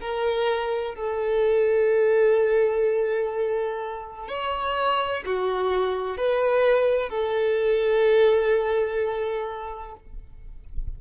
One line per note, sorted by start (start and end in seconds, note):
0.00 0.95 A#4
0.95 4.28 A4
4.28 5.23 C#5
5.26 6.17 F#4
6.17 7.10 B4
7.10 9.95 A4